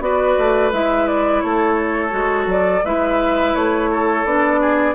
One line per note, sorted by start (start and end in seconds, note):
0.00 0.35 B3
0.00 0.71 F#4
0.00 1.44 B4
0.00 0.72 D5
0.38 0.72 A3
0.72 1.43 G#3
0.72 2.10 E4
0.72 1.07 E5
1.07 1.41 D5
1.41 2.12 A3
1.41 2.85 A4
1.41 2.47 C#5
2.10 2.46 G#3
2.10 2.80 F#4
2.46 2.81 F#3
2.46 2.85 D5
2.85 3.55 G#3
2.85 4.26 E4
2.85 3.90 B4
2.85 3.55 E5
3.55 4.24 A3
3.55 4.25 C#5
3.91 4.61 A4
4.24 4.94 B3
4.24 4.94 D4
4.24 4.94 D5
4.61 4.94 G#4